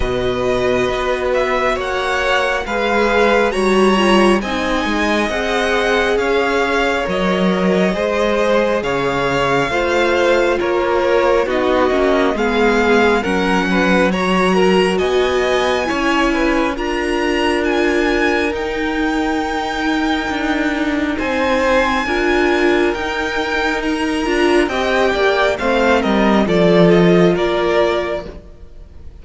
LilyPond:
<<
  \new Staff \with { instrumentName = "violin" } { \time 4/4 \tempo 4 = 68 dis''4. e''8 fis''4 f''4 | ais''4 gis''4 fis''4 f''4 | dis''2 f''2 | cis''4 dis''4 f''4 fis''4 |
ais''4 gis''2 ais''4 | gis''4 g''2. | gis''2 g''4 ais''4 | g''4 f''8 dis''8 d''8 dis''8 d''4 | }
  \new Staff \with { instrumentName = "violin" } { \time 4/4 b'2 cis''4 b'4 | cis''4 dis''2 cis''4~ | cis''4 c''4 cis''4 c''4 | ais'4 fis'4 gis'4 ais'8 b'8 |
cis''8 ais'8 dis''4 cis''8 b'8 ais'4~ | ais'1 | c''4 ais'2. | dis''8 d''8 c''8 ais'8 a'4 ais'4 | }
  \new Staff \with { instrumentName = "viola" } { \time 4/4 fis'2. gis'4 | fis'8 f'8 dis'4 gis'2 | ais'4 gis'2 f'4~ | f'4 dis'8 cis'8 b4 cis'4 |
fis'2 e'4 f'4~ | f'4 dis'2.~ | dis'4 f'4 dis'4. f'8 | g'4 c'4 f'2 | }
  \new Staff \with { instrumentName = "cello" } { \time 4/4 b,4 b4 ais4 gis4 | g4 c'8 gis8 c'4 cis'4 | fis4 gis4 cis4 a4 | ais4 b8 ais8 gis4 fis4~ |
fis4 b4 cis'4 d'4~ | d'4 dis'2 d'4 | c'4 d'4 dis'4. d'8 | c'8 ais8 a8 g8 f4 ais4 | }
>>